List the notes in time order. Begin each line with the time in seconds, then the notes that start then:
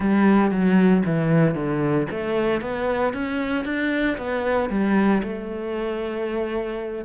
0.00 G3
0.51 F#3
1.05 E3
1.55 D3
2.10 A3
2.61 B3
3.13 C#4
3.65 D4
4.17 B3
4.69 G3
5.22 A3